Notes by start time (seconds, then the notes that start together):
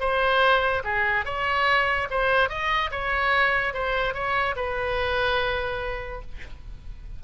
0.00 C5
0.84 G#4
1.25 C#5
2.10 C5
2.49 D#5
2.91 C#5
3.74 C5
4.14 C#5
4.56 B4